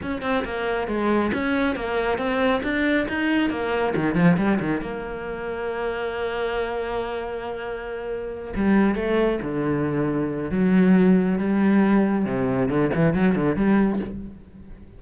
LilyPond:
\new Staff \with { instrumentName = "cello" } { \time 4/4 \tempo 4 = 137 cis'8 c'8 ais4 gis4 cis'4 | ais4 c'4 d'4 dis'4 | ais4 dis8 f8 g8 dis8 ais4~ | ais1~ |
ais2.~ ais8 g8~ | g8 a4 d2~ d8 | fis2 g2 | c4 d8 e8 fis8 d8 g4 | }